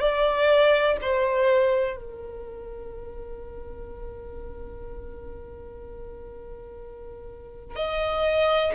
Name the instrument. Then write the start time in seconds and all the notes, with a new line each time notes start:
violin
0.00 D5
1.02 C5
1.97 A#4
7.76 D#5